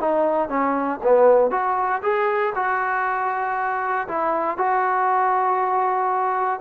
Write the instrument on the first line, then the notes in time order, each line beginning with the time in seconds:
trombone
0.00 D#4
0.49 C#4
1.03 B3
1.51 F#4
2.02 G#4
2.55 F#4
4.08 E4
4.58 F#4